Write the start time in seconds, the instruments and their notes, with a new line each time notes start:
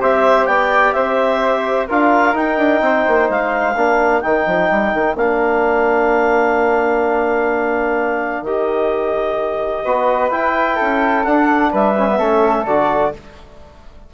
0.00 bassoon C4, trombone G4, flute C5, clarinet E5
0.45 bassoon B3, flute D5, clarinet G5
0.92 bassoon C4, flute C5, clarinet E5
1.87 bassoon D4, trombone F4, flute A#4, clarinet F5
2.33 trombone D#4, bassoon D#4, clarinet G5
2.57 bassoon D4
2.81 bassoon C4, flute C5
3.07 bassoon A#3
3.29 bassoon G#3, clarinet F5
3.75 bassoon A#3, trombone D4, flute A#4
4.21 bassoon D#3, trombone D#4, clarinet G5
4.46 bassoon F3
4.70 bassoon G3
4.93 bassoon D#3
5.15 bassoon A#3, trombone D4, clarinet F5
8.41 bassoon D#3, trombone G4, clarinet D#5
9.84 bassoon B3, trombone F#4, flute B4
10.31 trombone E4, bassoon E4, clarinet G5
10.75 bassoon C#4, flute A4
11.24 trombone D4, bassoon D4, clarinet F#5
11.71 bassoon G3, flute B4, clarinet E5
11.97 trombone C#4
12.08 trombone B3
12.18 bassoon A3, trombone C#4, flute A4
12.65 bassoon D3, trombone F#4, clarinet D5